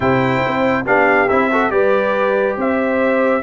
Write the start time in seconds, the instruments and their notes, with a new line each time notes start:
0.00 tuba C3, trombone E4, horn C5, trumpet G5
0.46 tuba C4
0.85 tuba B3, trombone D4, horn G4, trumpet F5
1.28 tuba C4, trombone E4, trumpet E5
1.51 trombone F#4, horn A4
1.70 tuba G3, trombone G4, horn B4, trumpet D5
2.56 tuba C4, horn C5, trumpet E5